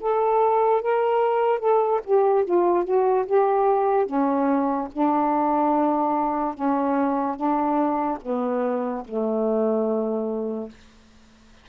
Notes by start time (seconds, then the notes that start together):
0.00 A4
0.81 A#4
1.59 A4
2.04 G4
2.44 F4
2.84 F#4
3.26 G4
4.06 C#4
4.92 D4
6.54 C#4
7.36 D4
8.22 B3
9.04 A3